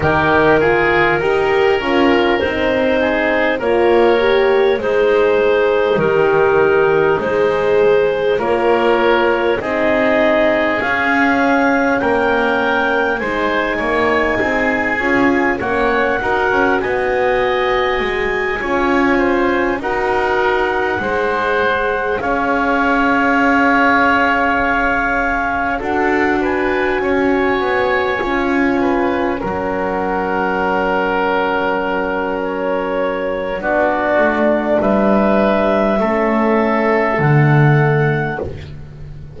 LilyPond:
<<
  \new Staff \with { instrumentName = "clarinet" } { \time 4/4 \tempo 4 = 50 ais'2 c''4 cis''4 | c''4 ais'4 c''4 cis''4 | dis''4 f''4 g''4 gis''4~ | gis''4 fis''4 gis''2~ |
gis''8 fis''2 f''4.~ | f''4. fis''8 gis''2~ | gis''8 fis''2~ fis''8 cis''4 | d''4 e''2 fis''4 | }
  \new Staff \with { instrumentName = "oboe" } { \time 4/4 g'8 gis'8 ais'4. gis'8 ais'4 | dis'2. ais'4 | gis'2 ais'4 c''8 cis''8 | gis'4 cis''8 ais'8 dis''4. cis''8 |
c''8 ais'4 c''4 cis''4.~ | cis''4. a'8 b'8 cis''4. | b'8 ais'2.~ ais'8 | fis'4 b'4 a'2 | }
  \new Staff \with { instrumentName = "horn" } { \time 4/4 dis'8 f'8 g'8 f'8 dis'4 f'8 g'8 | gis'4 g'4 gis'4 f'4 | dis'4 cis'2 dis'4~ | dis'8 f'8 cis'8 fis'2 f'8~ |
f'8 fis'4 gis'2~ gis'8~ | gis'4. fis'2 f'8~ | f'8 cis'2.~ cis'8 | d'2 cis'4 a4 | }
  \new Staff \with { instrumentName = "double bass" } { \time 4/4 dis4 dis'8 cis'8 c'4 ais4 | gis4 dis4 gis4 ais4 | c'4 cis'4 ais4 gis8 ais8 | c'8 cis'8 ais8 dis'16 cis'16 b4 gis8 cis'8~ |
cis'8 dis'4 gis4 cis'4.~ | cis'4. d'4 cis'8 b8 cis'8~ | cis'8 fis2.~ fis8 | b8 a8 g4 a4 d4 | }
>>